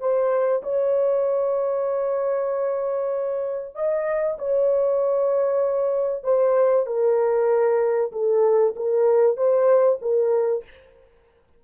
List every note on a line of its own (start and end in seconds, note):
0.00 0.62 C5
0.63 3.75 C#5
3.75 4.38 D#5
4.39 6.24 C#5
6.24 6.86 C5
6.87 8.12 A#4
8.12 8.75 A4
8.76 9.37 A#4
9.37 9.99 C5
10.02 10.64 A#4